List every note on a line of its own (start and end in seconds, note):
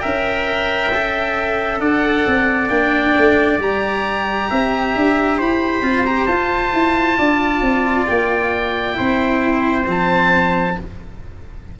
0.00 1.80 C#4
0.00 0.90 A#4
0.00 1.81 E5
0.00 1.79 G5
0.94 2.70 A4
1.80 2.25 D4
1.80 4.50 D5
1.80 2.69 F#5
2.27 2.70 C4
2.69 3.15 A#3
2.69 3.59 D4
2.69 3.58 G5
3.18 3.59 A3
3.59 4.48 G3
3.59 5.83 G4
3.59 5.41 A#5
4.50 4.96 C4
4.50 5.39 E5
4.96 5.40 D4
5.39 5.82 E4
5.39 7.18 C5
5.39 6.06 B5
5.82 6.27 C4
5.82 6.06 F4
6.06 6.29 G4
6.06 6.26 A#5
6.26 6.73 F4
6.26 8.93 F4
6.26 8.05 A5
6.74 7.18 E4
7.18 7.62 D4
7.18 8.98 D5
7.62 8.07 C4
8.07 8.99 A#3
8.07 9.86 G5
8.93 9.83 E4
8.93 10.77 C5
9.00 9.87 C4
9.87 10.77 F3
9.87 10.76 C4
9.87 10.80 A5